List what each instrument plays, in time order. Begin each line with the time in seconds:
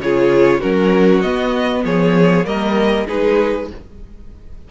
0.00 cello C#3, viola F4, violin G#4 C#5
0.60 cello F#3, viola C#4, violin F#4 A#4
1.21 cello B3, viola B3, violin D#5
1.85 cello F3, violin G#4 C#5
2.44 cello G3, viola A#3, violin A#4 D#5
3.07 cello G#3, viola D#4, violin G#4 B4